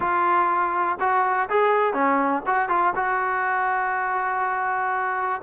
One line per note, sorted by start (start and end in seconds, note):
0.00 0.98 F4
1.00 1.49 F#4
1.49 1.93 G#4
1.93 2.42 C#4
2.46 2.68 F#4
2.68 2.93 F4
2.95 5.41 F#4